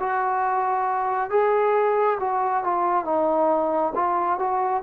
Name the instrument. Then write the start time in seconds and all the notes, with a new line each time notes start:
trombone
0.00 F#4
1.30 G#4
2.20 F#4
2.64 F4
3.05 D#4
3.95 F4
4.39 F#4